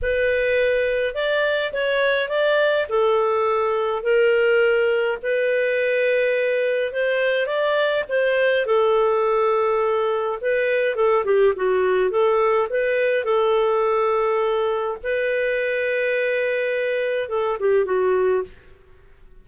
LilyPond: \new Staff \with { instrumentName = "clarinet" } { \time 4/4 \tempo 4 = 104 b'2 d''4 cis''4 | d''4 a'2 ais'4~ | ais'4 b'2. | c''4 d''4 c''4 a'4~ |
a'2 b'4 a'8 g'8 | fis'4 a'4 b'4 a'4~ | a'2 b'2~ | b'2 a'8 g'8 fis'4 | }